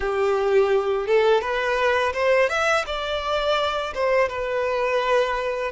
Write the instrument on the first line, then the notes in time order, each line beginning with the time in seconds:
violin
0.00 G4
1.06 A4
1.41 B4
2.13 C5
2.49 E5
2.86 D5
3.94 C5
4.29 B4